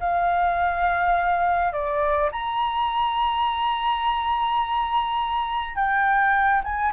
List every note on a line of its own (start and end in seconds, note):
0.00 1.73 F5
1.73 2.31 D5
2.32 5.76 A#5
5.76 6.62 G5
6.64 6.93 G#5